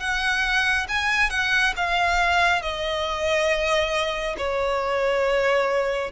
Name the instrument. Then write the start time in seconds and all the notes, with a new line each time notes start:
violin
0.00 F#5
0.88 G#5
1.30 F#5
1.76 F5
2.62 D#5
4.38 C#5